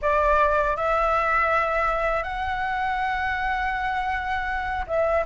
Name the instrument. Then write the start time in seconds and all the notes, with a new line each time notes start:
flute
0.01 D5
0.76 E5
2.23 F#5
4.86 E5